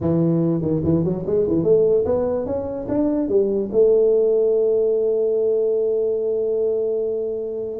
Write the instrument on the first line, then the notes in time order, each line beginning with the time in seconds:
tuba
0.00 E3
0.61 D#3
0.84 E3
1.04 F#3
1.26 G#3
1.47 E3
1.63 A3
2.05 B3
2.46 C#4
2.88 D4
3.28 G3
3.72 A3